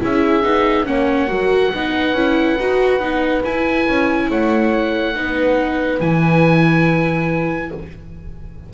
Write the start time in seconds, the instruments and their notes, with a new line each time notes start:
0.00 double bass C#4, viola E4, horn G#4, oboe E5
0.42 double bass B3, viola D#4
0.84 double bass A#3, viola C#4, horn C#5, oboe F#5
1.27 double bass F#3, viola F#4, horn A#4
1.74 double bass B3, viola D#4, horn B4
2.12 double bass C#4, viola E4
2.59 double bass D#4, viola F#4
2.99 double bass B3, viola D#4
3.44 viola E4, double bass E4, oboe G#5
3.87 double bass C#4
4.28 double bass A3, horn C#5, oboe F#5
5.14 double bass B3, viola D#4, horn B4
6.00 double bass E3, viola E4, oboe G#5